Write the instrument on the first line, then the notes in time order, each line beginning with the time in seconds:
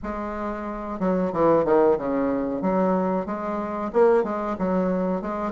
bassoon
0.02 G#3
0.99 F#3
1.32 E3
1.65 D#3
1.97 C#3
2.61 F#3
3.25 G#3
3.92 A#3
4.23 G#3
4.58 F#3
5.21 G#3